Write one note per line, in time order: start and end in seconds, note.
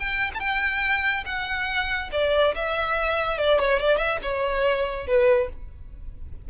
0.00 0.32 G5
0.35 1.24 G5
0.35 0.40 A5
1.26 2.10 F#5
2.12 2.55 D5
2.55 3.39 E5
3.39 3.60 D5
3.60 3.80 C#5
3.80 3.98 D5
3.98 4.19 E5
4.23 5.07 C#5
5.07 5.49 B4